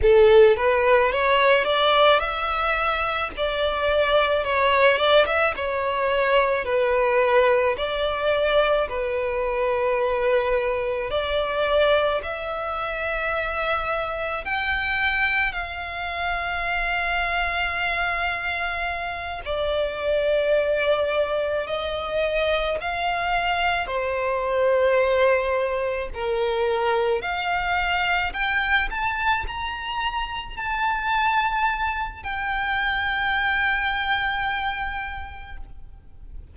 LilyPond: \new Staff \with { instrumentName = "violin" } { \time 4/4 \tempo 4 = 54 a'8 b'8 cis''8 d''8 e''4 d''4 | cis''8 d''16 e''16 cis''4 b'4 d''4 | b'2 d''4 e''4~ | e''4 g''4 f''2~ |
f''4. d''2 dis''8~ | dis''8 f''4 c''2 ais'8~ | ais'8 f''4 g''8 a''8 ais''4 a''8~ | a''4 g''2. | }